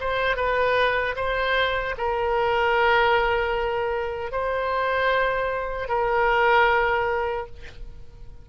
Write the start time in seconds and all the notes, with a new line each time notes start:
0.00 C5
0.36 B4
1.16 C5
1.97 A#4
4.32 C5
5.89 A#4